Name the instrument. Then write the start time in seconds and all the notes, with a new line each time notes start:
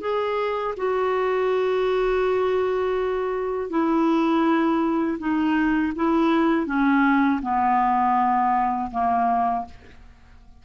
clarinet
0.00 G#4
0.77 F#4
3.70 E4
5.19 D#4
5.95 E4
6.66 C#4
7.42 B3
8.91 A#3